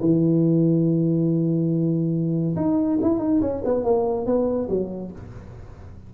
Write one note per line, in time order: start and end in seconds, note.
0.00 2.55 E3
2.56 2.98 D#4
3.02 3.19 E4
3.19 3.40 D#4
3.41 3.62 C#4
3.64 3.84 B3
3.84 4.26 A#3
4.26 4.68 B3
4.69 5.11 F#3